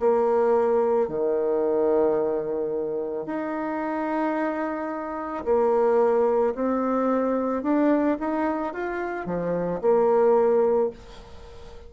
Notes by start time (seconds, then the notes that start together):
0.00 A#3
1.08 D#3
3.26 D#4
5.45 A#3
6.55 C4
7.63 D4
8.20 D#4
8.73 F4
9.26 F3
9.81 A#3